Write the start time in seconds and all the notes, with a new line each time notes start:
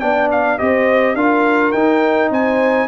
0.00 B3 D4 D5 G5
0.32 F5
0.59 C4 G4 C5 D#5
1.15 D4 F4 A#4 F5
1.72 D#4 G5
2.31 C4 C5 G#5